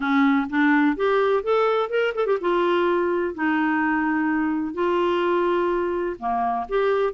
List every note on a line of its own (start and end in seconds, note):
0.00 0.47 C#4
0.49 0.96 D4
0.96 1.43 G4
1.43 1.89 A4
1.89 2.13 A#4
2.14 2.26 A4
2.26 2.38 G4
2.40 3.34 F4
3.34 4.73 D#4
4.73 6.16 F4
6.19 6.67 A#3
6.68 7.13 G4